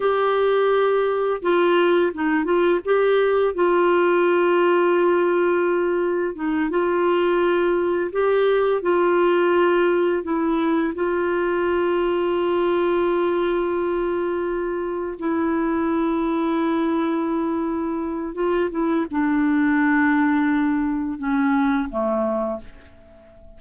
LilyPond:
\new Staff \with { instrumentName = "clarinet" } { \time 4/4 \tempo 4 = 85 g'2 f'4 dis'8 f'8 | g'4 f'2.~ | f'4 dis'8 f'2 g'8~ | g'8 f'2 e'4 f'8~ |
f'1~ | f'4. e'2~ e'8~ | e'2 f'8 e'8 d'4~ | d'2 cis'4 a4 | }